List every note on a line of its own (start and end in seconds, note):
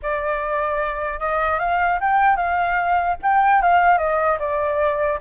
0.02 1.19 D5
1.19 1.59 D#5
1.59 1.99 F5
2.00 2.36 G5
2.36 3.16 F5
3.22 3.62 G5
3.62 3.98 F5
3.98 4.38 D#5
4.39 5.19 D5